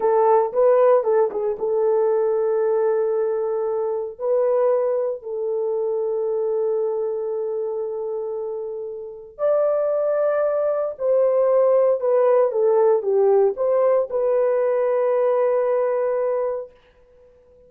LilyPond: \new Staff \with { instrumentName = "horn" } { \time 4/4 \tempo 4 = 115 a'4 b'4 a'8 gis'8 a'4~ | a'1 | b'2 a'2~ | a'1~ |
a'2 d''2~ | d''4 c''2 b'4 | a'4 g'4 c''4 b'4~ | b'1 | }